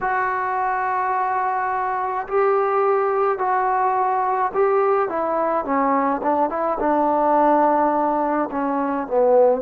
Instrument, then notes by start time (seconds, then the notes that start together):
trombone
0.00 F#4
2.27 G4
3.38 F#4
4.54 G4
5.08 E4
5.64 C#4
6.23 D4
6.49 E4
6.79 D4
8.51 C#4
9.07 B3